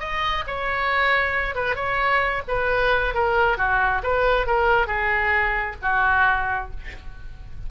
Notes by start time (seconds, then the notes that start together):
0.00 D#5
0.47 C#5
1.55 B4
1.76 C#5
2.48 B4
3.14 A#4
3.58 F#4
4.03 B4
4.47 A#4
4.87 G#4
5.82 F#4